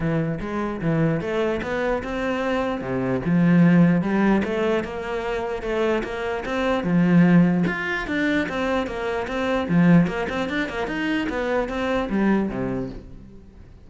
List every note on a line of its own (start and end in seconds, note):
0.00 0.38 E3
0.40 0.81 G#3
0.81 1.20 E3
1.20 1.61 A3
1.62 2.02 B3
2.03 2.81 C4
2.81 3.21 C3
3.25 4.01 F3
4.01 4.41 G3
4.44 4.83 A3
4.83 5.62 A#3
5.62 6.02 A3
6.03 6.44 A#3
6.45 6.83 C4
6.83 7.64 F3
7.66 8.07 F4
8.07 8.47 D4
8.48 8.86 C4
8.86 9.27 A#3
9.27 9.67 C4
9.68 10.07 F3
10.07 10.27 A#3
10.29 10.49 C4
10.49 10.68 D4
10.68 10.87 A#3
10.87 11.27 D#4
11.29 11.68 B3
11.68 12.08 C4
12.09 12.49 G3
12.49 12.89 C3